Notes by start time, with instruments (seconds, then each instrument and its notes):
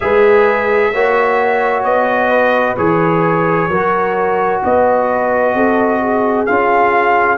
0.00 tuba G#3, trombone G#4, horn B4, trumpet E5
0.92 tuba A#3, trombone F#4, horn C#5
1.83 tuba B3, trumpet D#5
2.29 horn B4
2.77 tuba E3, trombone G#4, trumpet C#5
3.68 tuba F#3, trombone F#4, horn A#4
4.63 tuba B3, horn B4, trumpet D#5
5.54 tuba C4, horn A4
6.01 horn G#4
6.46 tuba C#4, trombone F4, trumpet F5